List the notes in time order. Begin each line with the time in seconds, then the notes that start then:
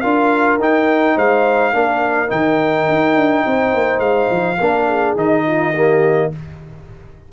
0.00 D4 F4 A#4 F5
0.59 D#4 G5
1.15 G#3 C5 F5
1.73 A#3 D4 A#4
2.28 D#3 D#4 G5
2.88 D#4
3.15 D4
3.46 C4 C5
3.74 A#3
3.99 G#3 F5
4.31 F3
4.59 A#3 D4 A#4
4.86 G#4
5.16 D#3 D#4 D#5
5.46 F4
5.74 A#3 G4